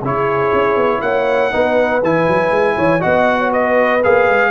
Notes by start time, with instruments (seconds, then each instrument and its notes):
0.00 tuba C#3, trombone E4, horn G#4
0.06 trumpet C#5
0.53 tuba C#4
0.76 tuba B3
1.01 tuba A#3, horn C#5, trumpet F#5
1.52 tuba B3, trombone D#4, horn B4
2.03 tuba E3, trombone E4, trumpet G#5
2.29 tuba F#3
2.51 tuba G#3
2.76 tuba E3, horn C#5
3.00 tuba B3, trombone F#4, horn D#5, trumpet F#5
3.38 horn C#5
3.52 horn B4, trumpet D#5
4.04 tuba A#3, trombone G#4, trumpet F5
4.28 tuba G#3